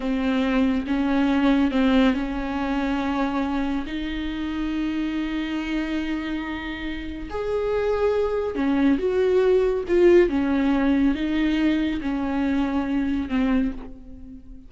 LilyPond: \new Staff \with { instrumentName = "viola" } { \time 4/4 \tempo 4 = 140 c'2 cis'2 | c'4 cis'2.~ | cis'4 dis'2.~ | dis'1~ |
dis'4 gis'2. | cis'4 fis'2 f'4 | cis'2 dis'2 | cis'2. c'4 | }